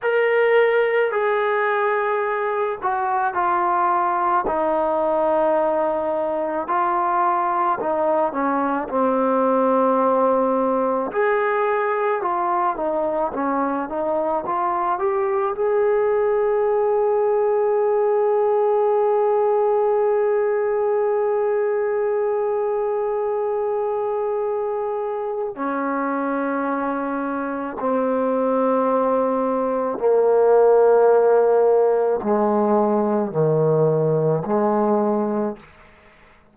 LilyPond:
\new Staff \with { instrumentName = "trombone" } { \time 4/4 \tempo 4 = 54 ais'4 gis'4. fis'8 f'4 | dis'2 f'4 dis'8 cis'8 | c'2 gis'4 f'8 dis'8 | cis'8 dis'8 f'8 g'8 gis'2~ |
gis'1~ | gis'2. cis'4~ | cis'4 c'2 ais4~ | ais4 gis4 dis4 gis4 | }